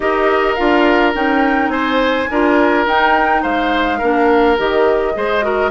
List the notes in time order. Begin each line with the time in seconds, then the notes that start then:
0.00 D#4 G4 A#4 D#5
0.55 D4 F4 F5
1.14 C#4 D#4 G5
1.68 C4 C5 G#5
2.30 D4 F4 A#4
2.86 D#4 G5
3.42 G#3 C5 F5
3.98 A#3 D4 A#4
4.57 D#3 G4 D#5
5.13 G#3 G#4 C5
5.42 F#4 A#4